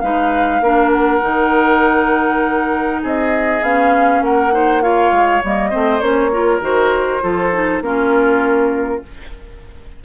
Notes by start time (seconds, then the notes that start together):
0.00 G#3 D#4 B4 F5
0.61 A#3 D4 A#4
0.92 F#5
1.22 D#3 D#4
3.03 C4 G#4 D#5
3.62 B3 C#4 F5
4.21 A#3 A#4 F#5
4.52 D#4 C5
4.82 F4 C#5 F5
5.11 G#3
5.44 G3 A#3 D#5
5.70 A3 C4 C5
6.01 A#3 C#4 C#5
6.33 F4 A#4
6.61 D#3 F#4 C5
7.21 F3 F4 A4
7.53 D#4
7.81 A#3 C#4 F4 A#4